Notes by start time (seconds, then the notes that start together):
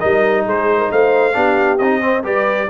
0.00 G3 D#4 A#4 D#5
0.46 G#3 G#4 C5
0.78 A#4
0.92 A3 C5 F5
1.34 B3 D4 G4
1.79 C4 D#4 D#5
2.02 C4 C5
2.24 G3 G4 B4 D5